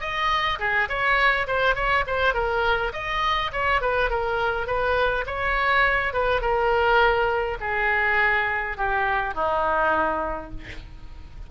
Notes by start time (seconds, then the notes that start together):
0.00 D#5
0.59 G#4
0.88 C#5
1.47 C5
1.75 C#5
2.07 C5
2.34 A#4
2.93 D#5
3.52 C#5
3.81 B4
4.10 A#4
4.66 B4
5.26 C#5
6.13 B4
6.41 A#4
7.60 G#4
8.77 G4
9.34 D#4